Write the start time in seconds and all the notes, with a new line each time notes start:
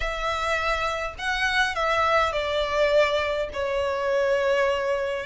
0.00 E5
1.18 F#5
1.75 E5
2.32 D5
3.53 C#5